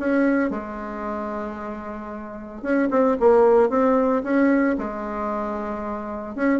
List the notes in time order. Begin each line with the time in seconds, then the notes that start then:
0.00 C#4
0.51 G#3
2.63 C#4
2.91 C4
3.20 A#3
3.70 C4
4.24 C#4
4.79 G#3
6.36 C#4